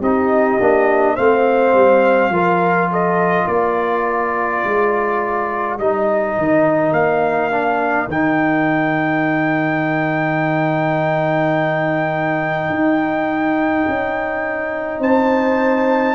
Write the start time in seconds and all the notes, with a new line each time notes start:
0.00 C4 D#4 G4 D#5
0.59 A#3 D4
1.15 A3 C4 C5 F5
1.73 G3
2.29 F3 F4 A#4
2.91 A4 D#5
3.46 A#3 A#4 D5
4.64 G#3
5.78 G3 D#4 D#5
6.38 D#3
6.91 A#3 F5
7.51 D4
8.07 D#3 D#4 G5
12.69 D#4
13.87 C#4
14.99 C4 C5 A5